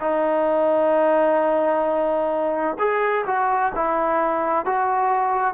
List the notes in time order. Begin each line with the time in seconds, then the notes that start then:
0.00 D#4
2.79 G#4
3.26 F#4
3.75 E4
4.66 F#4